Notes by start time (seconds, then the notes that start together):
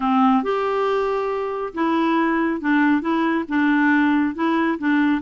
0.00 C4
0.43 G4
1.74 E4
2.60 D4
3.01 E4
3.48 D4
4.34 E4
4.78 D4